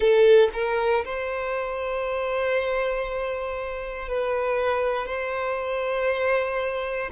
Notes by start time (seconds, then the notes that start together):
0.00 A4
0.53 A#4
1.04 C5
4.08 B4
5.06 C5